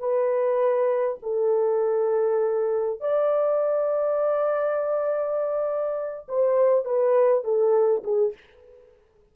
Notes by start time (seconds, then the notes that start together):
0.00 B4
1.23 A4
3.01 D5
6.29 C5
6.85 B4
7.44 A4
8.04 G#4